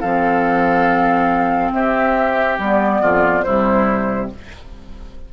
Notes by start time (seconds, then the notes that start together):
0.00 F3 C4 A4 F5
1.72 C4 G4 E5
2.58 G3 B3 D5
3.00 F2 F4
3.43 C3 G3 E4 C5